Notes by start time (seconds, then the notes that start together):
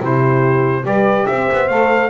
0.00 C3 E4 G4 C5
0.82 G3 G4 B4 D5
1.26 C4 C5 E5
1.52 B3
1.68 A3 A4 F5